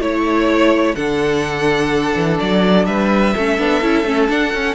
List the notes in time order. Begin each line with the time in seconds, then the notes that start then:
0.00 A3 E4 C#5
0.95 D3 D4 A4 F#5
2.16 E3
2.40 F#3 D5
2.86 G3 B4 E5
3.34 A3 C#4 A4
3.58 B3 D4
3.82 C#4 E4
4.04 A3 C#4
4.29 D4 F#5
4.54 C#4